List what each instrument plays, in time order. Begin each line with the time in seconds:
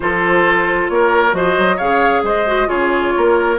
0.00 bassoon F3, clarinet F4, oboe A4, flute C5
0.88 bassoon A#3, oboe A#4, flute C#5
1.31 bassoon F3, clarinet F#4, oboe C5, flute D#5
1.58 bassoon F#3
1.76 bassoon C#3, clarinet G#4, oboe C#5, flute F5
2.22 bassoon G#3, oboe C5, flute D#5
2.46 clarinet F#4
2.66 bassoon C#3, clarinet F4, oboe G#4, flute C#5
3.16 bassoon A#3, oboe A#4